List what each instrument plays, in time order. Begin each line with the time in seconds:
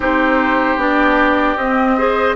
0.00 bassoon C4, clarinet D#4, oboe G4, flute C5
0.76 bassoon B3, clarinet D4, flute D5
1.56 bassoon C4, clarinet C4, flute D#5
1.97 clarinet G#4, oboe C5